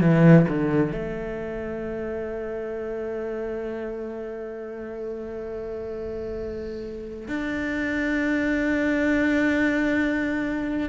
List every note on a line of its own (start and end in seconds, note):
0.00 0.45 E3
0.48 0.92 D3
0.92 7.28 A3
7.28 10.89 D4